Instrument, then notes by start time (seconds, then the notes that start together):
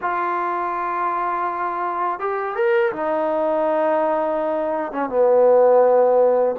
trombone
0.01 F4
2.19 G4
2.55 A#4
2.92 D#4
4.92 C#4
5.09 B3